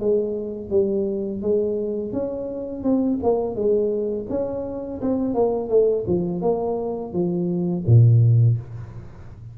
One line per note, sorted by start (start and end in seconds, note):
0.00 0.70 G#3
0.70 1.42 G3
1.42 2.12 G#3
2.12 2.83 C#4
2.83 3.19 C4
3.23 3.55 A#3
3.55 4.27 G#3
4.30 5.01 C#4
5.01 5.34 C4
5.34 5.69 A#3
5.69 6.05 A3
6.07 6.42 F3
6.42 7.13 A#3
7.13 7.84 F3
7.86 8.58 A#2